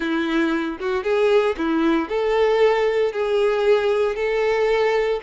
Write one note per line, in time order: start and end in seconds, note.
0.00 0.78 E4
0.80 1.03 F#4
1.03 1.55 G#4
1.57 2.08 E4
2.08 3.12 A4
3.12 4.15 G#4
4.15 5.20 A4